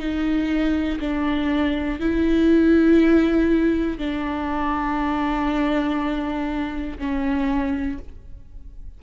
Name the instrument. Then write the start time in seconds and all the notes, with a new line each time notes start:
viola
0.00 D#4
1.01 D4
2.01 E4
3.99 D4
6.99 C#4